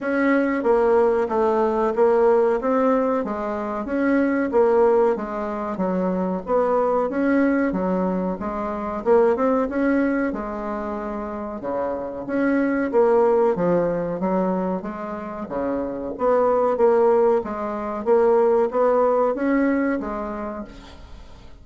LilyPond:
\new Staff \with { instrumentName = "bassoon" } { \time 4/4 \tempo 4 = 93 cis'4 ais4 a4 ais4 | c'4 gis4 cis'4 ais4 | gis4 fis4 b4 cis'4 | fis4 gis4 ais8 c'8 cis'4 |
gis2 cis4 cis'4 | ais4 f4 fis4 gis4 | cis4 b4 ais4 gis4 | ais4 b4 cis'4 gis4 | }